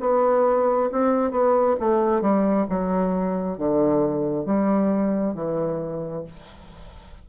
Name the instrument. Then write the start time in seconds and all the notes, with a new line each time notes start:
bassoon
0.00 B3
0.92 C4
1.31 B3
1.80 A3
2.21 G3
2.69 F#3
3.58 D3
4.45 G3
5.34 E3